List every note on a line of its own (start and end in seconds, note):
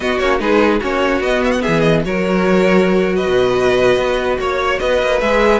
0.00 0.19 B3
0.00 0.20 B3
0.00 0.40 F#4
0.00 0.18 D#5
0.18 0.39 A#3
0.18 0.39 C#4
0.18 0.39 C#5
0.39 0.80 G#3
0.39 0.80 D#4
0.39 0.80 G#4
0.39 0.81 B4
0.80 1.19 A#3
0.80 1.22 C#4
0.80 1.61 F#4
0.80 1.22 C#5
1.19 1.60 B3
1.19 2.04 B3
1.19 1.43 D#5
1.44 1.51 E5
1.51 1.61 F#5
1.62 2.05 E3
1.62 2.03 G#4
1.62 1.80 E5
1.80 2.00 D#5
2.04 3.26 F#3
2.04 5.20 F#4
2.04 3.15 A#4
2.04 3.16 C#5
3.15 4.38 B4
3.15 4.38 D#5
3.26 3.97 B2
3.97 4.37 B3
4.38 4.79 A#3
4.38 4.79 C#5
4.38 4.80 C#5
4.79 5.02 B3
4.79 5.60 B4
4.79 5.20 D#5
5.02 5.21 A#3
5.20 5.60 G#3
5.20 5.60 G#4
5.20 5.60 E5